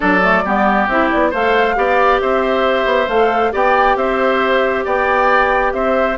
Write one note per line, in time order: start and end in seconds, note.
0.00 0.44 F#3
0.00 0.21 D4
0.00 0.43 A4
0.00 0.88 D5
0.22 0.44 A3
0.44 0.88 G3
0.44 0.89 B3
0.44 1.30 G4
0.88 1.10 C4
0.88 1.33 E4
0.88 1.10 E5
1.10 1.33 B3
1.10 1.32 D5
1.30 1.76 A3
1.30 1.75 A4
1.30 1.74 C5
1.30 2.20 F5
1.75 2.20 B3
1.75 3.07 G4
1.75 2.21 D5
2.20 2.85 C4
2.20 3.52 C5
2.20 3.08 E5
2.85 3.07 B3
3.08 3.52 A3
3.08 3.51 A4
3.08 3.52 F5
3.51 3.96 B3
3.51 6.16 G4
3.51 3.97 D5
3.51 3.96 G5
3.96 4.84 C4
3.96 4.84 C5
3.96 4.84 E5
4.84 5.73 B3
4.84 5.73 D5
4.84 5.73 G5
5.73 6.17 C4
5.73 6.17 C5
5.73 6.17 E5